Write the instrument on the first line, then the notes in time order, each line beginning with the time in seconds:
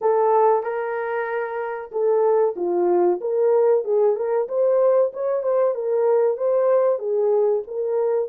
horn
0.01 A4
0.63 A#4
1.91 A4
2.56 F4
3.20 A#4
3.84 G#4
4.15 A#4
4.48 C5
5.13 C#5
5.42 C5
5.74 A#4
6.37 C5
6.98 G#4
7.67 A#4